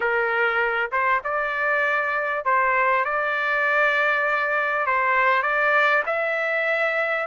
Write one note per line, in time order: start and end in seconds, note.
0.00 0.90 A#4
0.91 1.21 C5
1.24 2.45 D5
2.45 3.04 C5
3.04 4.86 D5
4.86 5.42 C5
5.42 6.03 D5
6.06 7.26 E5